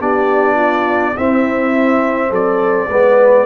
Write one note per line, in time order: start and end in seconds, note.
0.00 1.15 B3
0.00 1.15 D4
0.00 0.55 G4
0.00 1.17 D5
0.55 1.13 F4
1.16 2.89 C4
1.16 2.30 C4
1.16 2.29 E4
1.16 2.32 E5
2.29 2.88 F#3
2.29 2.87 A4
2.29 3.46 D5
2.88 3.46 G#3
2.88 3.46 B3
2.88 3.46 B4